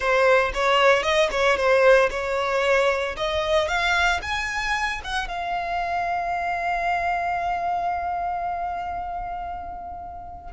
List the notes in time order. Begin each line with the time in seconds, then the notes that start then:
0.00 C5
0.54 C#5
1.02 D#5
1.31 C#5
1.56 C5
2.10 C#5
3.17 D#5
3.67 F5
4.22 G#5
5.04 F#5
5.28 F5